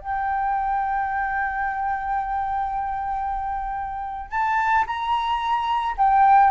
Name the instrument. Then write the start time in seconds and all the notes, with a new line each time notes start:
flute
0.00 G5
4.31 A5
4.87 A#5
5.98 G5